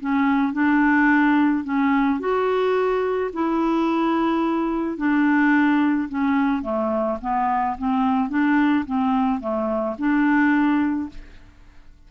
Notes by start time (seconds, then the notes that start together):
0.00 C#4
0.53 D4
1.64 C#4
2.20 F#4
3.33 E4
4.97 D4
6.09 C#4
6.63 A3
7.21 B3
7.78 C4
8.29 D4
8.86 C4
9.40 A3
9.98 D4